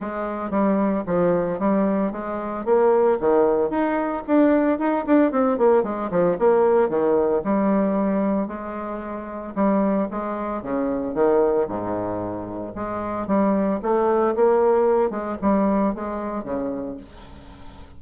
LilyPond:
\new Staff \with { instrumentName = "bassoon" } { \time 4/4 \tempo 4 = 113 gis4 g4 f4 g4 | gis4 ais4 dis4 dis'4 | d'4 dis'8 d'8 c'8 ais8 gis8 f8 | ais4 dis4 g2 |
gis2 g4 gis4 | cis4 dis4 gis,2 | gis4 g4 a4 ais4~ | ais8 gis8 g4 gis4 cis4 | }